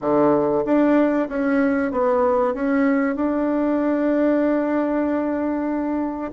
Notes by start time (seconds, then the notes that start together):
0.01 D3
0.65 D4
1.28 C#4
1.91 B3
2.53 C#4
3.15 D4